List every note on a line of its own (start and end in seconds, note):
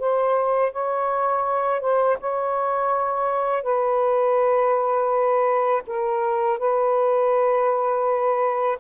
0.00 0.73 C5
0.73 1.81 C#5
1.81 2.18 C5
2.21 3.64 C#5
3.64 5.83 B4
5.88 6.59 A#4
6.59 8.79 B4